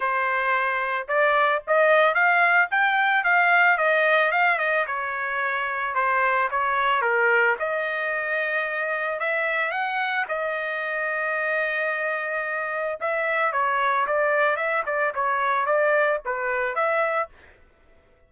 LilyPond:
\new Staff \with { instrumentName = "trumpet" } { \time 4/4 \tempo 4 = 111 c''2 d''4 dis''4 | f''4 g''4 f''4 dis''4 | f''8 dis''8 cis''2 c''4 | cis''4 ais'4 dis''2~ |
dis''4 e''4 fis''4 dis''4~ | dis''1 | e''4 cis''4 d''4 e''8 d''8 | cis''4 d''4 b'4 e''4 | }